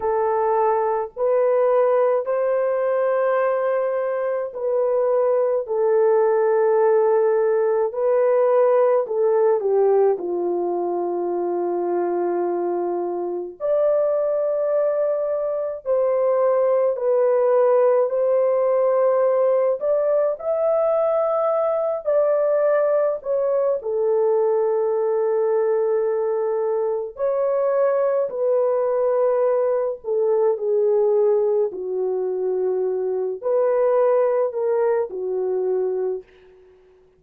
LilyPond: \new Staff \with { instrumentName = "horn" } { \time 4/4 \tempo 4 = 53 a'4 b'4 c''2 | b'4 a'2 b'4 | a'8 g'8 f'2. | d''2 c''4 b'4 |
c''4. d''8 e''4. d''8~ | d''8 cis''8 a'2. | cis''4 b'4. a'8 gis'4 | fis'4. b'4 ais'8 fis'4 | }